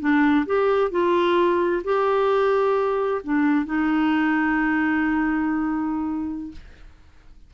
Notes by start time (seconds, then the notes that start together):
0.00 D4
0.46 G4
0.91 F4
1.84 G4
3.24 D4
3.66 D#4